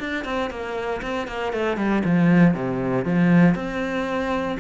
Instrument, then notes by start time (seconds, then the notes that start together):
cello
0.00 D4
0.25 C4
0.50 A#3
1.02 C4
1.28 A#3
1.53 A3
1.77 G3
2.05 F3
2.54 C3
3.05 F3
3.55 C4